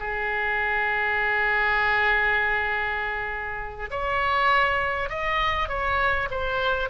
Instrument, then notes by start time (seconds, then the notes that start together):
oboe
0.00 G#4
3.91 C#5
5.10 D#5
5.69 C#5
6.31 C5